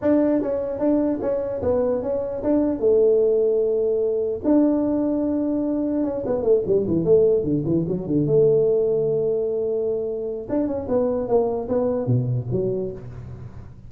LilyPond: \new Staff \with { instrumentName = "tuba" } { \time 4/4 \tempo 4 = 149 d'4 cis'4 d'4 cis'4 | b4 cis'4 d'4 a4~ | a2. d'4~ | d'2. cis'8 b8 |
a8 g8 e8 a4 d8 e8 fis8 | d8 a2.~ a8~ | a2 d'8 cis'8 b4 | ais4 b4 b,4 fis4 | }